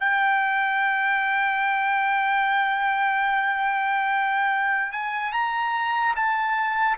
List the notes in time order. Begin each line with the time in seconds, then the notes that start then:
0.00 G5
4.92 G#5
5.32 A#5
6.16 A5